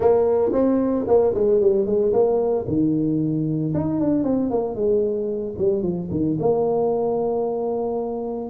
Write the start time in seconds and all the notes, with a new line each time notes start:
0.00 A#3
0.52 C4
1.07 A#3
1.34 G#3
1.60 G3
1.86 G#3
2.12 A#3
2.67 D#3
3.74 D#4
4.00 D4
4.23 C4
4.50 A#3
4.75 G#3
5.58 G3
5.82 F3
6.10 D#3
6.39 A#3